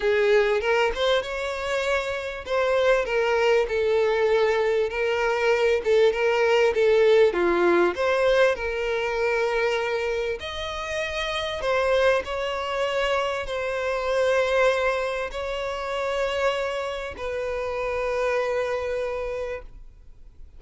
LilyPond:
\new Staff \with { instrumentName = "violin" } { \time 4/4 \tempo 4 = 98 gis'4 ais'8 c''8 cis''2 | c''4 ais'4 a'2 | ais'4. a'8 ais'4 a'4 | f'4 c''4 ais'2~ |
ais'4 dis''2 c''4 | cis''2 c''2~ | c''4 cis''2. | b'1 | }